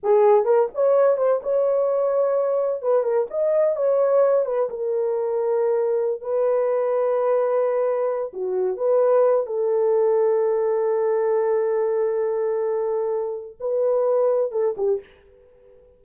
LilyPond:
\new Staff \with { instrumentName = "horn" } { \time 4/4 \tempo 4 = 128 gis'4 ais'8 cis''4 c''8 cis''4~ | cis''2 b'8 ais'8 dis''4 | cis''4. b'8 ais'2~ | ais'4~ ais'16 b'2~ b'8.~ |
b'4.~ b'16 fis'4 b'4~ b'16~ | b'16 a'2.~ a'8.~ | a'1~ | a'4 b'2 a'8 g'8 | }